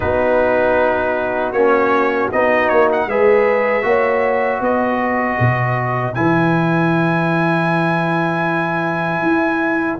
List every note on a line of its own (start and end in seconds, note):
0.00 1.52 B3
0.00 1.54 D#4
0.00 3.06 F#4
0.00 1.52 B4
1.52 2.29 A#3
1.52 2.31 C#4
1.52 2.29 C#5
2.32 2.70 B3
2.32 3.09 D#4
2.32 2.69 D#5
2.69 3.07 A#3
2.69 2.88 C#5
2.92 3.09 F#5
3.07 3.83 G#3
3.07 3.82 G#4
3.07 3.86 B4
3.07 4.62 E5
3.82 4.60 A#3
3.82 6.13 F#4
3.82 4.62 C#5
4.60 5.37 B3
4.60 10.00 B4
4.60 6.14 D#5
5.39 6.16 B2
6.14 9.22 E3
6.14 9.99 E4
6.14 9.99 G#5
9.22 9.99 E4